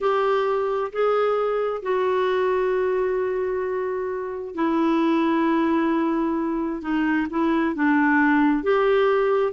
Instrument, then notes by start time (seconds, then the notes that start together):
clarinet
0.00 G4
0.92 G#4
1.82 F#4
4.54 E4
6.81 D#4
7.30 E4
7.75 D4
8.63 G4